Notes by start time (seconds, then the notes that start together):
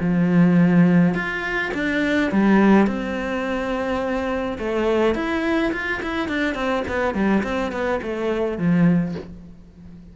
0.00 F3
1.14 F4
1.74 D4
2.31 G3
2.86 C4
4.58 A3
5.15 E4
5.72 F4
6.02 E4
6.28 D4
6.55 C4
6.88 B3
7.14 G3
7.43 C4
7.72 B3
8.02 A3
8.58 F3